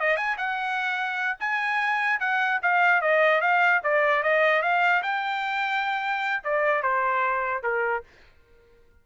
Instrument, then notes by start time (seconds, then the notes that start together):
trumpet
0.00 D#5
0.17 G#5
0.38 F#5
1.40 G#5
2.20 F#5
2.63 F5
3.02 D#5
3.41 F5
3.83 D5
4.23 D#5
4.62 F5
5.03 G5
6.44 D5
6.83 C5
7.63 A#4